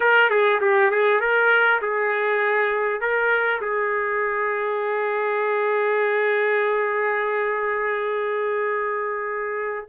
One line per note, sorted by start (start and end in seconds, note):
0.00 0.29 A#4
0.29 0.59 G#4
0.60 0.90 G4
0.90 1.20 G#4
1.20 1.80 A#4
1.81 3.00 G#4
3.00 3.60 A#4
3.61 9.88 G#4